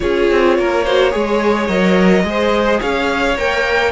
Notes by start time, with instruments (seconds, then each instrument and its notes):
0.00 cello C#4, viola F4, violin G#4 C#5
0.30 cello C4
0.58 cello A#3, violin A#4
0.84 viola F#4, violin C5
1.11 cello G#3, viola G#4, violin C#5
1.67 cello F#3, viola A#4, violin D#5
2.23 cello G#3, viola G#4, violin C5
2.80 cello C#4, violin C#5 F5
3.36 cello A#3, viola A#4, violin G5